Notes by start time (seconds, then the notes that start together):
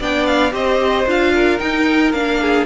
0.00 B3 D4 D5 G5
0.27 F5
0.52 C4 G4 C5 D#5
1.07 D4 F4 F5
1.34 A#4
1.59 D#4 G5
2.13 A#3 D4 F5
2.42 G#4